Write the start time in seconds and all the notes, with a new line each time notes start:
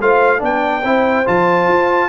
0.00 A3 F4 C5 F5
0.39 B3 D4 D5 G5
0.82 C4 E4 C5
1.26 F3 F4 A5
1.68 F4